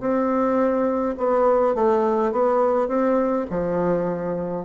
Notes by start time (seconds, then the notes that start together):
0.00 C4
1.18 B3
1.75 A3
2.32 B3
2.88 C4
3.50 F3